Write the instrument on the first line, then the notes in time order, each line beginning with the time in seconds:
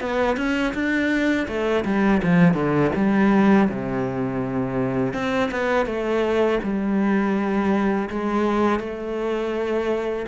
cello
0.00 B3
0.36 C#4
0.74 D4
1.47 A3
1.84 G3
2.23 F3
2.54 D3
2.95 G3
3.69 C3
5.13 C4
5.51 B3
5.86 A3
6.63 G3
8.10 G#3
8.79 A3